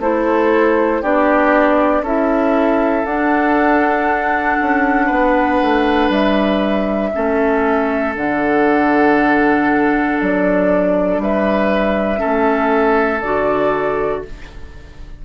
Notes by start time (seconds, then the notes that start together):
0.00 A3 E4 A4 C5
1.02 B3 D4 G4 D5
2.02 C#4 E4 A4 E5
3.04 D4 F#5
4.61 C#4
5.06 B3 B4
5.62 A3
6.10 G3 E5
7.13 A3 C#4 A4
8.16 D3 D4 F#5
10.19 F#3 D5
11.18 G3 B4 E5
12.17 C#4 A4
12.25 A3
13.21 D3 F#4 D5